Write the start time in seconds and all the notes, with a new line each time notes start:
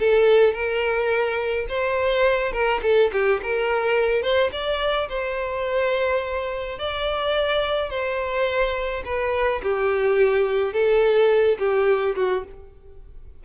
0.00 A4
0.54 A#4
1.69 C5
2.53 A#4
2.83 A4
3.13 G4
3.43 A#4
4.23 C5
4.52 D5
5.09 C5
6.79 D5
7.90 C5
9.05 B4
9.63 G4
10.74 A4
11.59 G4
12.16 F#4